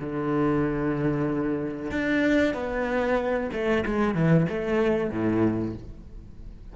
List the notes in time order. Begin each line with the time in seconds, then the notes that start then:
0.00 D3
1.91 D4
2.54 B3
3.53 A3
3.86 G#3
4.15 E3
4.49 A3
5.11 A2